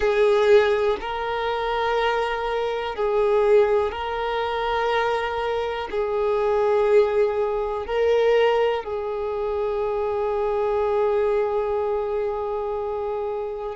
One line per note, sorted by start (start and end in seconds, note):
0.00 0.97 G#4
1.00 2.95 A#4
2.95 3.91 G#4
3.91 5.88 A#4
5.91 7.86 G#4
7.86 8.83 A#4
8.83 13.75 G#4